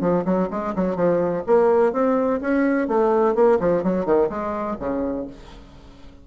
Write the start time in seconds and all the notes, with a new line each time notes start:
0.00 F3
0.25 F#3
0.50 G#3
0.75 F#3
0.95 F3
1.46 A#3
1.92 C4
2.41 C#4
2.87 A3
3.35 A#3
3.59 F3
3.83 F#3
4.05 D#3
4.29 G#3
4.79 C#3